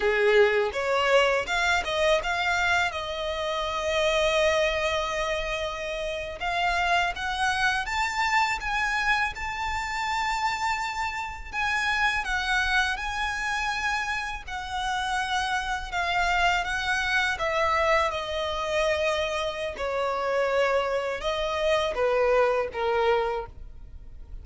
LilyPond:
\new Staff \with { instrumentName = "violin" } { \time 4/4 \tempo 4 = 82 gis'4 cis''4 f''8 dis''8 f''4 | dis''1~ | dis''8. f''4 fis''4 a''4 gis''16~ | gis''8. a''2. gis''16~ |
gis''8. fis''4 gis''2 fis''16~ | fis''4.~ fis''16 f''4 fis''4 e''16~ | e''8. dis''2~ dis''16 cis''4~ | cis''4 dis''4 b'4 ais'4 | }